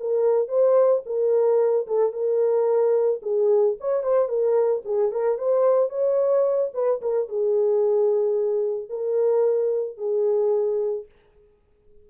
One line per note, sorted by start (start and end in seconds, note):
0.00 0.48 A#4
0.48 1.02 C5
1.06 1.87 A#4
1.87 2.13 A4
2.13 3.21 A#4
3.22 3.76 G#4
3.80 4.03 C#5
4.03 4.29 C5
4.29 4.83 A#4
4.86 5.12 G#4
5.12 5.38 A#4
5.38 5.90 C5
5.90 6.71 C#5
6.74 7.01 B4
7.02 7.29 A#4
7.29 8.90 G#4
8.90 9.98 A#4
9.98 11.06 G#4